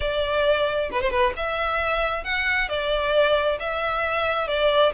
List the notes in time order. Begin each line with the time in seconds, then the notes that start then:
0.00 D5
0.91 B4
1.01 C5
1.10 B4
1.36 E5
2.24 F#5
2.68 D5
3.59 E5
4.47 D5